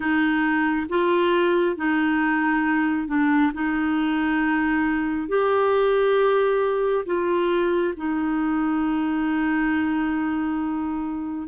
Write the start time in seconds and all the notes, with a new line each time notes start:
0.00 D#4
0.89 F4
1.76 D#4
3.07 D4
3.53 D#4
5.28 G4
7.05 F4
7.97 D#4